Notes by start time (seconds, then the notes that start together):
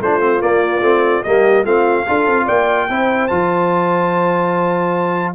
0.00 A3 D4 F4 C5
0.20 C4
0.40 A#3 D5
0.80 A3 C4
1.23 G3 A#3 G4 D#5
1.63 A3 C4 F4 F5
2.07 D4 F4 A4
2.26 C4
2.45 A#3 D5 G5
2.89 C4 E4 C5
3.27 F3 F4 A5